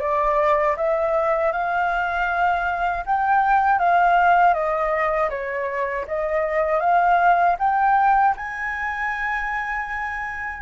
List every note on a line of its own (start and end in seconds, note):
0.00 0.76 D5
0.77 1.53 E5
1.53 3.04 F5
3.06 3.79 G5
3.79 4.54 F5
4.54 5.30 D#5
5.30 6.06 C#5
6.08 6.80 D#5
6.80 7.56 F5
7.59 8.35 G5
8.37 10.63 G#5